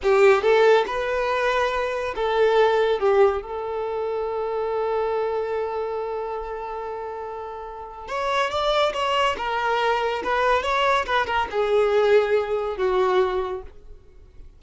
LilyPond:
\new Staff \with { instrumentName = "violin" } { \time 4/4 \tempo 4 = 141 g'4 a'4 b'2~ | b'4 a'2 g'4 | a'1~ | a'1~ |
a'2. cis''4 | d''4 cis''4 ais'2 | b'4 cis''4 b'8 ais'8 gis'4~ | gis'2 fis'2 | }